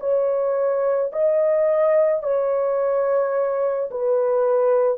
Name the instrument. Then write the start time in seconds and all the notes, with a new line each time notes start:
horn
0.00 C#5
1.13 D#5
2.23 C#5
3.91 B4